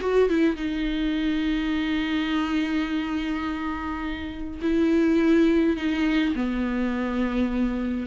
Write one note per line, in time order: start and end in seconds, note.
0.00 0.29 F#4
0.29 0.56 E4
0.56 4.60 D#4
4.62 5.76 E4
5.76 6.34 D#4
6.35 8.06 B3